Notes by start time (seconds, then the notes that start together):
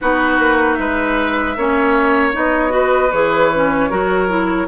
0.01 B3 D#4 F#4 B4
0.38 A#3
0.74 G#3 B4 E5
1.56 A#3 C#4 C#5
2.32 B3 D#4 D#5
2.69 F#4 B4
3.11 E3 G#4 C#5
3.54 C#4
3.89 F#3 F#4 A#4
4.28 E4